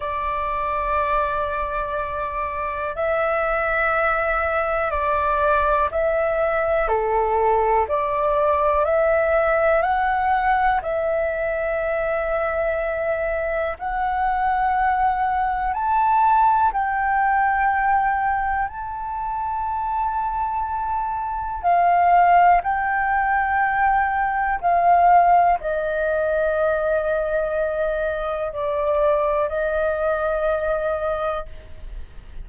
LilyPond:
\new Staff \with { instrumentName = "flute" } { \time 4/4 \tempo 4 = 61 d''2. e''4~ | e''4 d''4 e''4 a'4 | d''4 e''4 fis''4 e''4~ | e''2 fis''2 |
a''4 g''2 a''4~ | a''2 f''4 g''4~ | g''4 f''4 dis''2~ | dis''4 d''4 dis''2 | }